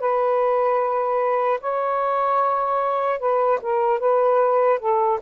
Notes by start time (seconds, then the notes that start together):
0.00 B4
1.61 C#5
3.20 B4
3.62 A#4
4.00 B4
4.80 A4